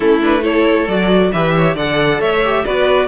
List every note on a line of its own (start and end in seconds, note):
0.00 0.87 A3
0.00 0.21 C#4
0.00 0.42 E4
0.00 0.22 A4
0.21 0.42 D4
0.21 0.44 B4
0.42 0.86 E4
0.42 1.30 A4
0.42 0.88 C#5
0.87 1.31 F#3
0.87 1.33 F#4
0.87 1.32 D5
1.32 1.75 E3
1.32 1.77 G4
1.32 1.54 B4
1.32 1.76 E5
1.56 1.75 C#5
1.75 2.19 D3
1.75 2.44 A4
1.75 2.19 D5
1.75 2.21 F#5
2.20 2.64 A3
2.20 2.64 C#5
2.20 2.65 E5
2.44 2.65 G4
2.65 3.07 B3
2.65 3.07 F#4
2.65 3.07 B4
2.65 3.07 D5